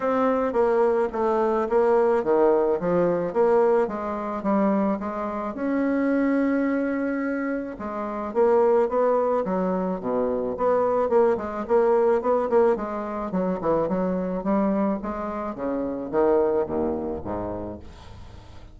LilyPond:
\new Staff \with { instrumentName = "bassoon" } { \time 4/4 \tempo 4 = 108 c'4 ais4 a4 ais4 | dis4 f4 ais4 gis4 | g4 gis4 cis'2~ | cis'2 gis4 ais4 |
b4 fis4 b,4 b4 | ais8 gis8 ais4 b8 ais8 gis4 | fis8 e8 fis4 g4 gis4 | cis4 dis4 dis,4 gis,4 | }